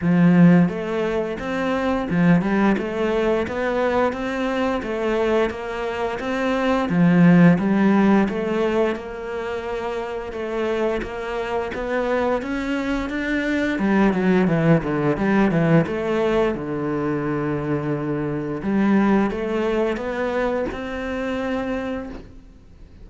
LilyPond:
\new Staff \with { instrumentName = "cello" } { \time 4/4 \tempo 4 = 87 f4 a4 c'4 f8 g8 | a4 b4 c'4 a4 | ais4 c'4 f4 g4 | a4 ais2 a4 |
ais4 b4 cis'4 d'4 | g8 fis8 e8 d8 g8 e8 a4 | d2. g4 | a4 b4 c'2 | }